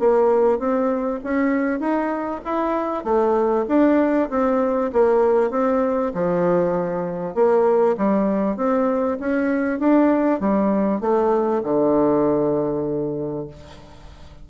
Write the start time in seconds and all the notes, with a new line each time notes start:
0.00 A#3
0.59 C4
1.24 C#4
1.80 D#4
2.45 E4
3.05 A3
3.68 D4
4.30 C4
4.93 A#3
5.51 C4
6.15 F3
7.35 A#3
7.98 G3
8.57 C4
9.20 C#4
9.80 D4
10.41 G3
11.01 A3
11.64 D3